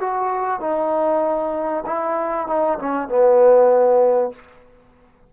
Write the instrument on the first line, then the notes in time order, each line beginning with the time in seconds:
trombone
0.00 F#4
0.60 D#4
1.86 E4
2.47 D#4
2.79 C#4
3.08 B3